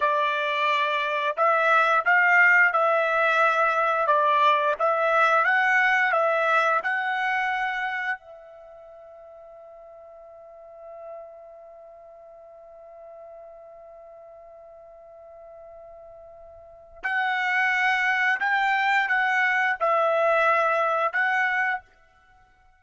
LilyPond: \new Staff \with { instrumentName = "trumpet" } { \time 4/4 \tempo 4 = 88 d''2 e''4 f''4 | e''2 d''4 e''4 | fis''4 e''4 fis''2 | e''1~ |
e''1~ | e''1~ | e''4 fis''2 g''4 | fis''4 e''2 fis''4 | }